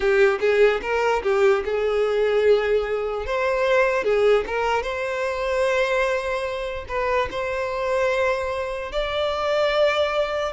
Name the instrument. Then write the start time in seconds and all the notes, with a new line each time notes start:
violin
0.00 G4
0.40 G#4
0.81 A#4
1.22 G4
1.64 G#4
3.26 C5
4.04 G#4
4.46 A#4
4.82 C5
6.88 B4
7.30 C5
8.92 D5